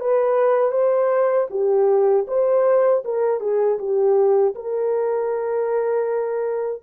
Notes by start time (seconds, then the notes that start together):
0.00 B4
0.71 C5
1.50 G4
2.27 C5
3.04 A#4
3.40 G#4
3.78 G4
4.54 A#4